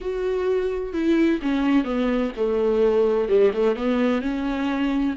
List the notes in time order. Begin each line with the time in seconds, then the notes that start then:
0.00 F#4
0.93 E4
1.41 C#4
1.84 B3
2.36 A3
3.28 G3
3.53 A3
3.76 B3
4.21 C#4